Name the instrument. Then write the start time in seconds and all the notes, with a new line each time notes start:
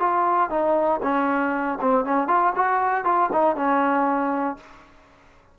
trombone
0.00 F4
0.51 D#4
1.03 C#4
1.81 C4
2.05 C#4
2.28 F4
2.56 F#4
3.05 F4
3.33 D#4
3.56 C#4